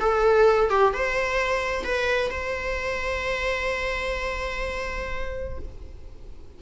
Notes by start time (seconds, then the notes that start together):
0.00 A4
0.70 G4
0.94 C5
1.84 B4
2.31 C5